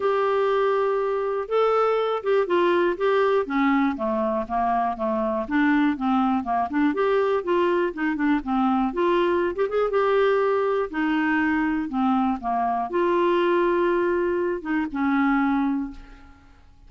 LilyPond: \new Staff \with { instrumentName = "clarinet" } { \time 4/4 \tempo 4 = 121 g'2. a'4~ | a'8 g'8 f'4 g'4 cis'4 | a4 ais4 a4 d'4 | c'4 ais8 d'8 g'4 f'4 |
dis'8 d'8 c'4 f'4~ f'16 g'16 gis'8 | g'2 dis'2 | c'4 ais4 f'2~ | f'4. dis'8 cis'2 | }